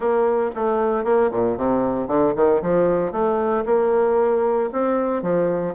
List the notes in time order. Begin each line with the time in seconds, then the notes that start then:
0.00 A#3
0.55 A3
1.04 A#3
1.31 A#2
1.57 C3
2.07 D3
2.35 D#3
2.61 F3
3.11 A3
3.65 A#3
4.72 C4
5.22 F3